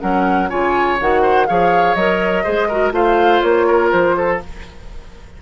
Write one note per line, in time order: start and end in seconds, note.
0.00 0.51 F#3
0.00 0.49 C#4
0.00 0.49 A#4
0.00 0.49 F#5
0.49 1.00 C#3
0.49 0.98 F4
0.49 1.22 C#5
0.49 0.98 G#5
1.01 1.49 D#3
1.01 1.47 F#4
1.01 1.47 F#5
1.22 1.46 C5
1.47 1.95 F3
1.47 1.96 G#4
1.47 2.43 C#5
1.47 1.95 F5
1.95 2.44 F#3
1.95 2.44 A#4
1.95 2.92 D#5
2.43 2.92 G#3
2.43 2.69 G#4
2.43 2.68 C5
2.68 2.92 F#4
2.68 2.92 A#4
2.92 3.41 A3
2.92 4.38 F4
2.92 3.67 C5
2.92 3.42 F5
3.42 3.92 A#3
3.42 3.91 C#5
3.67 4.16 A#4
3.91 4.42 F3
3.91 4.40 C5
4.17 4.42 A4